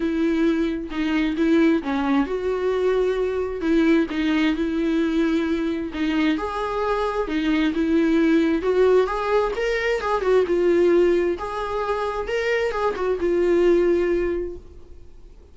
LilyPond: \new Staff \with { instrumentName = "viola" } { \time 4/4 \tempo 4 = 132 e'2 dis'4 e'4 | cis'4 fis'2. | e'4 dis'4 e'2~ | e'4 dis'4 gis'2 |
dis'4 e'2 fis'4 | gis'4 ais'4 gis'8 fis'8 f'4~ | f'4 gis'2 ais'4 | gis'8 fis'8 f'2. | }